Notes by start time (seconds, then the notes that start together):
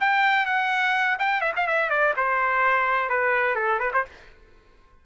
0.00 G5
0.46 F#5
1.19 G5
1.41 E5
1.56 F5
1.67 E5
1.90 D5
2.17 C5
3.09 B4
3.55 A4
3.79 B4
3.93 C5